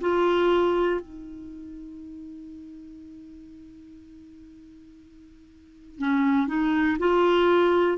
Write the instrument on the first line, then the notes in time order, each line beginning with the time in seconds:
clarinet
0.00 F4
1.00 D#4
5.99 C#4
6.47 D#4
6.99 F4